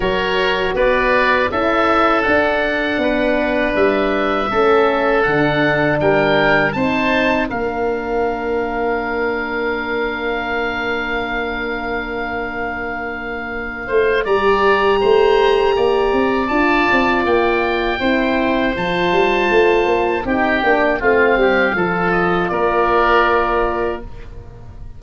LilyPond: <<
  \new Staff \with { instrumentName = "oboe" } { \time 4/4 \tempo 4 = 80 cis''4 d''4 e''4 fis''4~ | fis''4 e''2 fis''4 | g''4 a''4 f''2~ | f''1~ |
f''2. ais''4~ | ais''2 a''4 g''4~ | g''4 a''2 g''4 | f''4. dis''8 d''2 | }
  \new Staff \with { instrumentName = "oboe" } { \time 4/4 ais'4 b'4 a'2 | b'2 a'2 | ais'4 c''4 ais'2~ | ais'1~ |
ais'2~ ais'8 c''8 d''4 | c''4 d''2. | c''2. g'4 | f'8 g'8 a'4 ais'2 | }
  \new Staff \with { instrumentName = "horn" } { \time 4/4 fis'2 e'4 d'4~ | d'2 cis'4 d'4~ | d'4 dis'4 d'2~ | d'1~ |
d'2. g'4~ | g'2 f'2 | e'4 f'2 dis'8 d'8 | c'4 f'2. | }
  \new Staff \with { instrumentName = "tuba" } { \time 4/4 fis4 b4 cis'4 d'4 | b4 g4 a4 d4 | g4 c'4 ais2~ | ais1~ |
ais2~ ais8 a8 g4 | a4 ais8 c'8 d'8 c'8 ais4 | c'4 f8 g8 a8 ais8 c'8 ais8 | a8 g8 f4 ais2 | }
>>